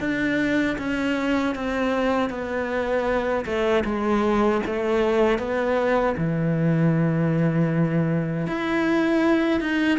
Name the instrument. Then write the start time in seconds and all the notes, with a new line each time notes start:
cello
0.00 D4
0.78 C#4
1.55 C4
2.30 B3
3.45 A3
3.85 G#3
4.66 A3
5.38 B3
6.17 E3
8.47 E4
9.60 D#4